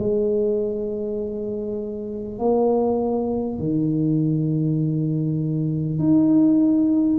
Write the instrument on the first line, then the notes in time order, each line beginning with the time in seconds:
tuba
0.00 G#3
2.39 A#3
3.59 D#3
5.99 D#4